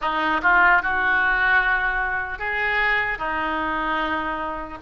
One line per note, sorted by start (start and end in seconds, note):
0.01 0.41 D#4
0.42 0.82 F4
0.82 2.38 F#4
2.38 3.18 G#4
3.18 4.78 D#4